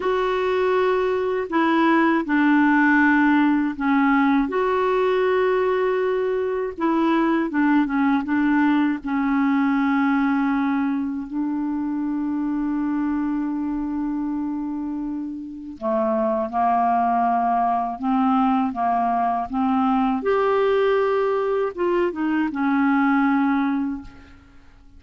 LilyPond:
\new Staff \with { instrumentName = "clarinet" } { \time 4/4 \tempo 4 = 80 fis'2 e'4 d'4~ | d'4 cis'4 fis'2~ | fis'4 e'4 d'8 cis'8 d'4 | cis'2. d'4~ |
d'1~ | d'4 a4 ais2 | c'4 ais4 c'4 g'4~ | g'4 f'8 dis'8 cis'2 | }